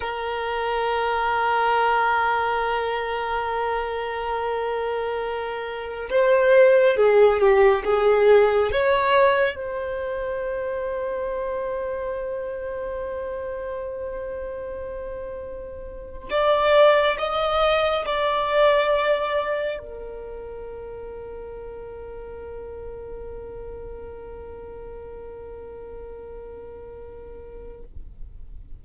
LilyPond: \new Staff \with { instrumentName = "violin" } { \time 4/4 \tempo 4 = 69 ais'1~ | ais'2. c''4 | gis'8 g'8 gis'4 cis''4 c''4~ | c''1~ |
c''2~ c''8. d''4 dis''16~ | dis''8. d''2 ais'4~ ais'16~ | ais'1~ | ais'1 | }